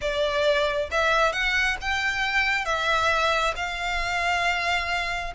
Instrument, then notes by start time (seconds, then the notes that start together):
violin
0.01 D5
0.91 E5
1.32 F#5
1.81 G5
2.65 E5
3.56 F5